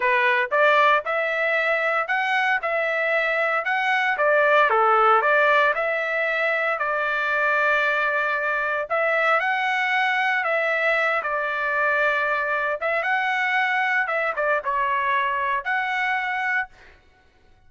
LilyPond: \new Staff \with { instrumentName = "trumpet" } { \time 4/4 \tempo 4 = 115 b'4 d''4 e''2 | fis''4 e''2 fis''4 | d''4 a'4 d''4 e''4~ | e''4 d''2.~ |
d''4 e''4 fis''2 | e''4. d''2~ d''8~ | d''8 e''8 fis''2 e''8 d''8 | cis''2 fis''2 | }